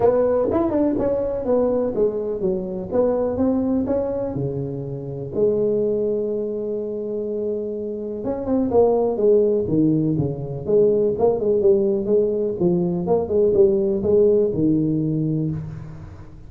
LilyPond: \new Staff \with { instrumentName = "tuba" } { \time 4/4 \tempo 4 = 124 b4 e'8 d'8 cis'4 b4 | gis4 fis4 b4 c'4 | cis'4 cis2 gis4~ | gis1~ |
gis4 cis'8 c'8 ais4 gis4 | dis4 cis4 gis4 ais8 gis8 | g4 gis4 f4 ais8 gis8 | g4 gis4 dis2 | }